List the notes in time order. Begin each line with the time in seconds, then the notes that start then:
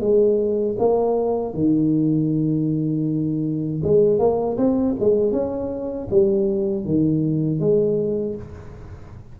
0.00 G#3
0.78 A#3
1.54 D#3
3.83 G#3
4.19 A#3
4.57 C4
5.00 G#3
5.32 C#4
6.10 G3
6.85 D#3
7.59 G#3